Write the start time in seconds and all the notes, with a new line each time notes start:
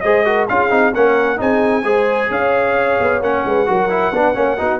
0.00 G#3 G#4 C5 D#5
0.25 F#4 A#4
0.48 C#4 F4 G#4 F5
0.70 C4 D#4
0.94 A#3 C#4 A#4 F#5
1.37 C4 D#4 G#4 G#5
1.84 G#3 G#4 C5
2.29 C#4 C#5 F5
3.00 B3
3.21 A#3 C#4 F#5
3.45 G#3 B4
3.66 F#3 F#4 A#4
3.89 E4
4.12 B3 D4 B4
4.34 A#3 C#4 C#5
4.57 B3 D#4 F#4